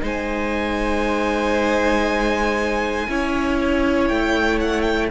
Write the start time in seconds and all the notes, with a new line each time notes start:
0.00 G#3 D#4 C5 G#5
3.08 C#4 E4 C#5
4.08 A3 G5
4.60 F#5
4.81 G5